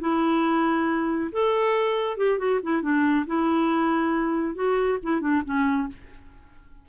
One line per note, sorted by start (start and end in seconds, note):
0.00 1.30 E4
1.32 2.17 A4
2.17 2.38 G4
2.38 2.60 F#4
2.63 2.82 E4
2.82 3.26 D4
3.26 4.55 E4
4.55 4.98 F#4
5.03 5.21 E4
5.21 5.43 D4
5.45 5.88 C#4